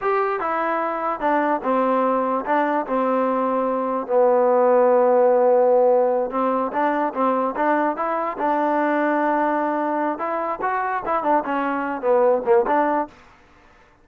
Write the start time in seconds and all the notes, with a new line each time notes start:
0.01 G4
0.40 E4
1.20 D4
1.63 C4
2.45 D4
2.86 C4
4.06 B3
6.30 C4
6.72 D4
7.14 C4
7.55 D4
7.96 E4
8.37 D4
10.18 E4
10.61 F#4
11.05 E4
11.23 D4
11.44 C#4
12.01 B3
12.45 A#3
12.66 D4